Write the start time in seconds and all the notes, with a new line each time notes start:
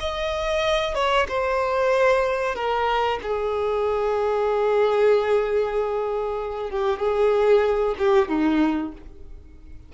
0.00 D#5
0.95 C#5
1.29 C5
2.55 A#4
3.22 G#4
6.70 G4
7.00 G#4
7.98 G4
8.29 D#4